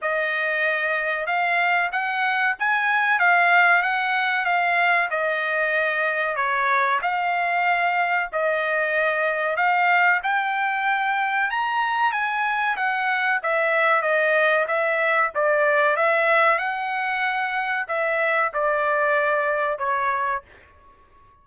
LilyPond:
\new Staff \with { instrumentName = "trumpet" } { \time 4/4 \tempo 4 = 94 dis''2 f''4 fis''4 | gis''4 f''4 fis''4 f''4 | dis''2 cis''4 f''4~ | f''4 dis''2 f''4 |
g''2 ais''4 gis''4 | fis''4 e''4 dis''4 e''4 | d''4 e''4 fis''2 | e''4 d''2 cis''4 | }